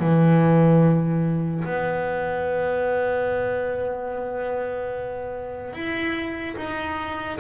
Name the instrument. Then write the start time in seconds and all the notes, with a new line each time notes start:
double bass
0.00 E3
1.65 B3
5.73 E4
6.57 D#4